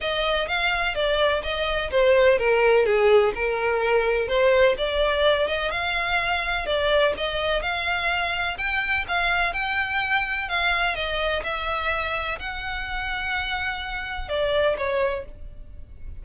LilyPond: \new Staff \with { instrumentName = "violin" } { \time 4/4 \tempo 4 = 126 dis''4 f''4 d''4 dis''4 | c''4 ais'4 gis'4 ais'4~ | ais'4 c''4 d''4. dis''8 | f''2 d''4 dis''4 |
f''2 g''4 f''4 | g''2 f''4 dis''4 | e''2 fis''2~ | fis''2 d''4 cis''4 | }